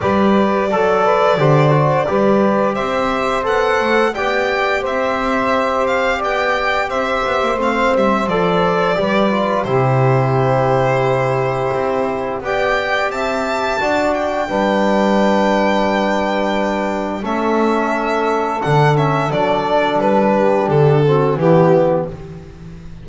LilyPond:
<<
  \new Staff \with { instrumentName = "violin" } { \time 4/4 \tempo 4 = 87 d''1 | e''4 fis''4 g''4 e''4~ | e''8 f''8 g''4 e''4 f''8 e''8 | d''2 c''2~ |
c''2 g''4 a''4~ | a''8 g''2.~ g''8~ | g''4 e''2 fis''8 e''8 | d''4 b'4 a'4 g'4 | }
  \new Staff \with { instrumentName = "saxophone" } { \time 4/4 b'4 a'8 b'8 c''4 b'4 | c''2 d''4 c''4~ | c''4 d''4 c''2~ | c''4 b'4 g'2~ |
g'2 d''4 e''4 | d''4 b'2.~ | b'4 a'2.~ | a'4. g'4 fis'8 e'4 | }
  \new Staff \with { instrumentName = "trombone" } { \time 4/4 g'4 a'4 g'8 fis'8 g'4~ | g'4 a'4 g'2~ | g'2. c'4 | a'4 g'8 f'8 e'2~ |
e'2 g'2 | fis'4 d'2.~ | d'4 cis'2 d'8 cis'8 | d'2~ d'8 c'8 b4 | }
  \new Staff \with { instrumentName = "double bass" } { \time 4/4 g4 fis4 d4 g4 | c'4 b8 a8 b4 c'4~ | c'4 b4 c'8 b16 ais16 a8 g8 | f4 g4 c2~ |
c4 c'4 b4 c'4 | d'4 g2.~ | g4 a2 d4 | fis4 g4 d4 e4 | }
>>